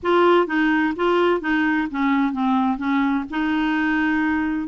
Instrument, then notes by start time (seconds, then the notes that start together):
clarinet
0.02 F4
0.46 D#4
0.95 F4
1.40 D#4
1.90 C#4
2.32 C4
2.77 C#4
3.30 D#4